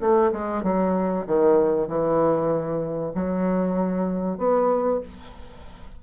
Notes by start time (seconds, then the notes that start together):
0.00 A3
0.32 G#3
0.63 F#3
1.26 D#3
1.88 E3
3.14 F#3
4.38 B3